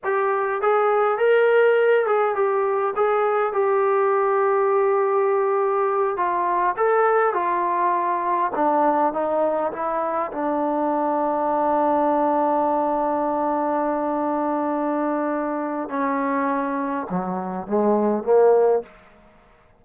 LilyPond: \new Staff \with { instrumentName = "trombone" } { \time 4/4 \tempo 4 = 102 g'4 gis'4 ais'4. gis'8 | g'4 gis'4 g'2~ | g'2~ g'8 f'4 a'8~ | a'8 f'2 d'4 dis'8~ |
dis'8 e'4 d'2~ d'8~ | d'1~ | d'2. cis'4~ | cis'4 fis4 gis4 ais4 | }